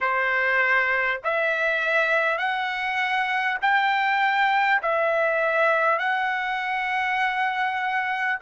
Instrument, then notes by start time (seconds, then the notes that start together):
trumpet
0.01 C5
1.24 E5
2.37 F#5
3.61 G5
4.82 E5
5.98 F#5